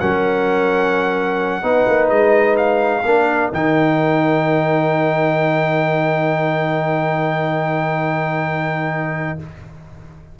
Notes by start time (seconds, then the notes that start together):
0.00 F#3 C#4 A#4 F#5
1.62 B3 D#4 B4
1.87 A#3
2.10 G#3 D#5
2.57 F5
3.04 A#3 D4 A#4
3.53 D#3 D#4 G5